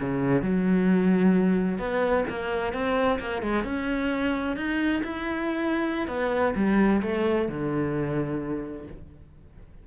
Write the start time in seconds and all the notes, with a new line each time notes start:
0.00 C#3
0.42 F#3
1.78 B3
2.29 A#3
2.73 C4
3.20 A#3
3.42 G#3
3.64 C#4
4.56 D#4
5.03 E4
6.08 B3
6.55 G3
7.02 A3
7.48 D3